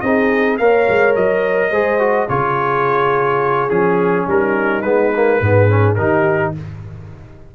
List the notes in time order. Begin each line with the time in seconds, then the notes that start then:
0.00 C4 D#4 G#4 D#5
0.57 A#3 A#4 C#5 F5
0.88 G#3
1.15 F#3 D#5
1.70 G#3 G#4 C5
1.99 F#4
2.29 C#3 F4 G#4 C#5
3.69 F3 C#4 G#4
4.27 G3 D#4 A#4
4.81 G#3 B3 B4
5.15 A#3
5.41 G#2 B3 G#4
5.68 C#4
5.95 D#3 D#4 G4 A#4